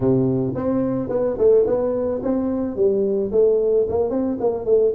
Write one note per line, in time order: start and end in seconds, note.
0.00 0.54 C3
0.55 1.09 C4
1.09 1.36 B3
1.38 1.65 A3
1.66 2.21 B3
2.22 2.75 C4
2.75 3.31 G3
3.31 3.86 A3
3.88 4.10 A#3
4.10 4.37 C4
4.40 4.65 A#3
4.65 4.92 A3